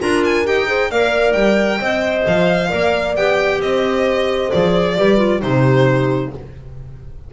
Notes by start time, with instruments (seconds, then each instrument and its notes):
0.00 double bass D4, clarinet F4, horn A#4, violin A#5
0.24 violin G#5
0.45 double bass D#4, clarinet G4, violin G5
0.67 clarinet G#4, horn C5
0.91 double bass A#3, clarinet A#4, horn D5, violin F5
1.33 double bass G3, violin G5
1.80 double bass C4, clarinet C5, horn D#5
2.27 double bass F3, violin F5
2.69 double bass A#3, clarinet A#4, horn D5
3.16 double bass B3, clarinet G4, violin G5
3.60 double bass C4, horn C5, violin D#5
4.51 double bass F3, clarinet G#4, violin D5
4.97 double bass G3, clarinet G4, horn B4
5.17 clarinet F4
5.41 double bass C3, clarinet D#4, horn G4, violin C5